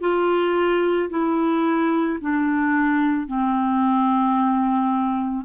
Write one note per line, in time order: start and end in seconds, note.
0.00 1.09 F4
1.09 2.18 E4
2.21 3.27 D4
3.27 5.45 C4